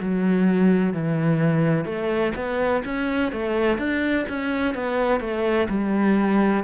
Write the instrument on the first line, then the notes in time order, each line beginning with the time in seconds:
cello
0.00 F#3
0.93 E3
1.85 A3
2.35 B3
2.84 C#4
3.32 A3
3.78 D4
4.28 C#4
4.74 B3
5.20 A3
5.69 G3